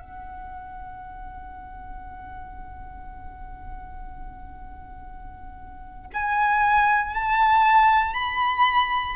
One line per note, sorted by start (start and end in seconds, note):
0.00 6.10 F#5
6.13 7.15 G#5
7.15 8.14 A5
8.14 9.16 B5